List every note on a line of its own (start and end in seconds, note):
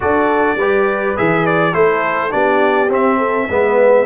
0.00 0.56 D4
0.00 0.57 F#4
0.00 0.58 A4
0.00 1.17 D5
0.56 1.14 G3
0.56 1.16 G4
0.56 1.74 B4
1.16 1.74 E3
1.16 1.72 G#4
1.16 1.46 E5
1.46 1.74 D5
1.72 2.32 A3
1.72 2.30 E4
1.72 2.32 A4
1.72 2.31 C5
2.30 2.89 B3
2.30 2.88 D4
2.30 3.17 G4
2.30 2.89 D5
2.89 3.47 C4
2.89 3.48 C4
2.89 4.05 E5
3.17 3.47 A4
3.49 4.05 G#3
3.49 4.05 B3
3.49 4.05 B4